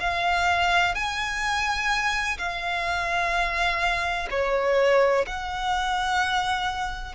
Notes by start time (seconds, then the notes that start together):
0.00 F5
0.94 G#5
2.38 F5
4.30 C#5
5.26 F#5